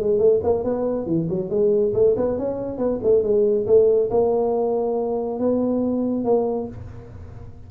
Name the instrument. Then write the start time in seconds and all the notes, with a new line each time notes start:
tuba
0.00 G#3
0.19 A3
0.44 A#3
0.64 B3
1.07 E3
1.29 F#3
1.50 G#3
1.94 A3
2.17 B3
2.38 C#4
2.78 B3
3.03 A3
3.23 G#3
3.67 A3
4.10 A#3
5.40 B3
6.25 A#3